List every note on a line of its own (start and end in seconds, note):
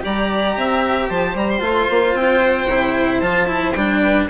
0.00 0.56 G3
0.00 1.59 G4
0.00 0.57 D5
0.00 1.09 A#5
0.56 1.09 C4
0.56 1.09 E5
1.09 1.34 F3
1.09 4.01 C5
1.09 1.35 A5
1.34 1.60 G3
1.34 1.49 A#5
1.49 2.15 C6
1.59 1.86 A3
1.59 2.65 F4
1.90 2.14 A#3
2.14 2.67 C4
2.14 3.20 G5
2.67 3.21 C3
2.67 3.22 E4
3.20 3.74 F3
3.20 3.47 F4
3.20 3.71 A5
3.47 3.74 E4
3.71 4.28 G3
3.71 4.29 D4
3.71 4.25 G5
4.01 4.27 B4